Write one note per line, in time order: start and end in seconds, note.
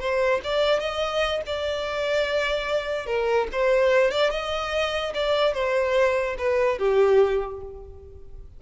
0.00 0.41 C5
0.44 0.80 D5
0.80 1.42 D#5
1.47 3.07 D5
3.07 3.48 A#4
3.52 4.11 C5
4.11 4.31 D5
4.31 5.13 D#5
5.14 5.54 D5
5.54 6.37 C5
6.38 6.79 B4
6.79 7.61 G4